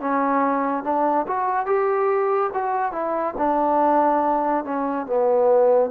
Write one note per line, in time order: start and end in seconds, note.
0.00 0.84 C#4
0.84 1.26 D4
1.27 1.66 F#4
1.66 2.50 G4
2.54 2.92 F#4
2.92 3.35 E4
3.38 4.64 D4
4.64 5.06 C#4
5.06 5.90 B3